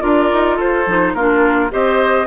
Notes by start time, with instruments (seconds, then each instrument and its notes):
0.00 bassoon D4, clarinet F4, oboe A#4, flute D5
0.33 bassoon D#4
0.56 bassoon F4, oboe A4, flute C5
0.87 bassoon F3, clarinet D#4
1.14 bassoon A#3, clarinet D4, oboe F4, flute A#4
1.70 bassoon C4, clarinet G4, oboe C5, flute D#5